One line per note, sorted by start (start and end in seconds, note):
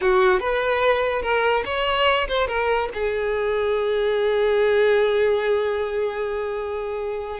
0.01 0.40 F#4
0.40 1.22 B4
1.22 1.63 A#4
1.65 2.27 C#5
2.27 2.47 C5
2.47 2.89 A#4
2.94 7.39 G#4